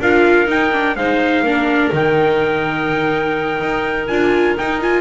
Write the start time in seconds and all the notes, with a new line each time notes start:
0.00 D4 F4 A#4 F5
0.47 D#4 G5
0.73 D4
0.96 G#3 D#4 C5 F5
1.43 A#3 D4 A#4
1.93 D#3 D#4 G5
3.61 D#4
4.07 D4 F4 G#5
4.58 D#4 G5
4.82 F4 G#5